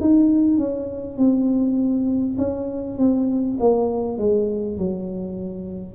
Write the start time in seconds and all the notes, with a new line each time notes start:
0.00 D#4
0.57 C#4
1.17 C4
2.37 C#4
2.98 C4
3.59 A#3
4.18 G#3
4.78 F#3